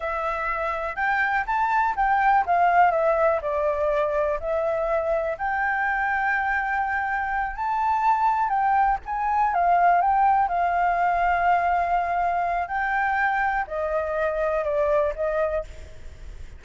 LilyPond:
\new Staff \with { instrumentName = "flute" } { \time 4/4 \tempo 4 = 123 e''2 g''4 a''4 | g''4 f''4 e''4 d''4~ | d''4 e''2 g''4~ | g''2.~ g''8 a''8~ |
a''4. g''4 gis''4 f''8~ | f''8 g''4 f''2~ f''8~ | f''2 g''2 | dis''2 d''4 dis''4 | }